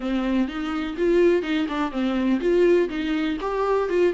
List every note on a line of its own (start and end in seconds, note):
0.00 0.48 C4
0.48 0.96 D#4
0.97 1.42 F4
1.42 1.66 D#4
1.68 1.91 D4
1.91 2.40 C4
2.40 2.88 F4
2.89 3.37 D#4
3.40 3.89 G4
3.89 4.13 F4